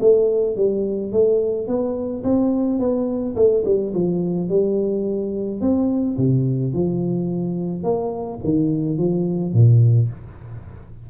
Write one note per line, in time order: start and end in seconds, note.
0.00 0.56 A3
0.56 1.12 G3
1.12 1.67 A3
1.67 2.23 B3
2.24 2.79 C4
2.79 3.35 B3
3.35 3.63 A3
3.64 3.93 G3
3.94 4.49 F3
4.49 5.60 G3
5.60 6.17 C4
6.17 6.73 C3
6.73 7.83 F3
7.83 8.39 A#3
8.43 8.97 D#3
8.97 9.53 F3
9.53 10.09 A#2